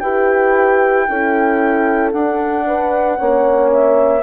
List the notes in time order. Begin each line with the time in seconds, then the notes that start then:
0.00 E4 G4 B4 G5
1.09 C#4 E4 A4
2.12 D4 F#5
2.67 B4
3.16 A#3 C#4 C#5
3.73 E5